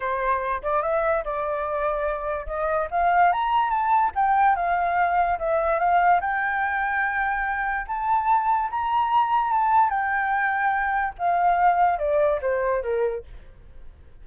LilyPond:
\new Staff \with { instrumentName = "flute" } { \time 4/4 \tempo 4 = 145 c''4. d''8 e''4 d''4~ | d''2 dis''4 f''4 | ais''4 a''4 g''4 f''4~ | f''4 e''4 f''4 g''4~ |
g''2. a''4~ | a''4 ais''2 a''4 | g''2. f''4~ | f''4 d''4 c''4 ais'4 | }